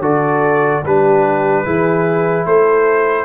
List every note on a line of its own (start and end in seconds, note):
0.00 0.81 D3
0.00 0.83 F#4
0.00 0.83 A4
0.00 0.84 D5
0.84 1.65 G3
0.84 1.65 D4
0.84 1.65 G4
0.84 2.47 B4
1.65 2.46 E3
1.65 3.25 E4
1.65 2.46 G#4
2.46 3.25 A3
2.46 3.25 A4
2.46 3.25 C5